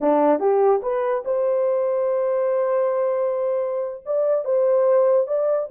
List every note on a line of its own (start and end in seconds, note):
0.00 0.39 D4
0.39 0.81 G4
0.82 1.23 B4
1.24 4.04 C5
4.05 4.45 D5
4.45 5.27 C5
5.27 5.68 D5